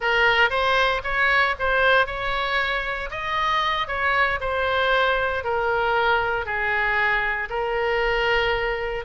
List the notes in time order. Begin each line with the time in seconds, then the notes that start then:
0.00 A#4
0.50 C5
1.03 C#5
1.59 C5
2.06 C#5
3.10 D#5
3.87 C#5
4.40 C5
5.44 A#4
6.45 G#4
7.49 A#4